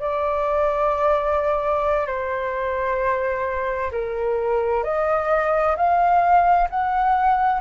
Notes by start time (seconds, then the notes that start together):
0.00 D5
2.07 C5
3.91 A#4
4.84 D#5
5.77 F5
6.70 F#5